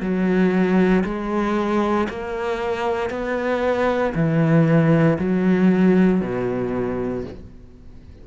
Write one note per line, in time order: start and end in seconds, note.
0.00 1.03 F#3
1.04 2.07 G#3
2.09 3.10 A#3
3.10 4.13 B3
4.14 5.18 E3
5.19 6.21 F#3
6.21 7.24 B2